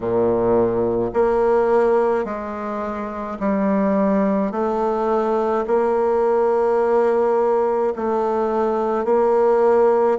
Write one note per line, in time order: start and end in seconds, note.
0.00 1.11 A#2
1.13 2.24 A#3
2.24 3.38 G#3
3.40 4.51 G3
4.51 5.64 A3
5.67 7.93 A#3
7.96 9.04 A3
9.04 10.17 A#3